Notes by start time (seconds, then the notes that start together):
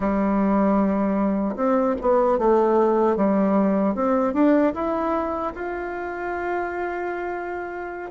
0.00 G3
1.56 C4
2.01 B3
2.38 A3
3.16 G3
3.95 C4
4.33 D4
4.74 E4
5.54 F4